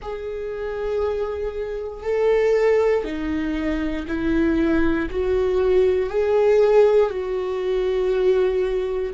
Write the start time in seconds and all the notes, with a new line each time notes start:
0.01 G#4
2.03 A4
3.04 D#4
4.07 E4
5.09 F#4
6.09 G#4
7.10 F#4